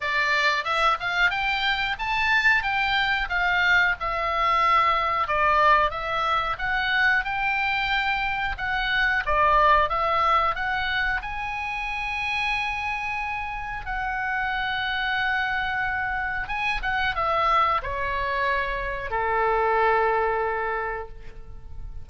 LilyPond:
\new Staff \with { instrumentName = "oboe" } { \time 4/4 \tempo 4 = 91 d''4 e''8 f''8 g''4 a''4 | g''4 f''4 e''2 | d''4 e''4 fis''4 g''4~ | g''4 fis''4 d''4 e''4 |
fis''4 gis''2.~ | gis''4 fis''2.~ | fis''4 gis''8 fis''8 e''4 cis''4~ | cis''4 a'2. | }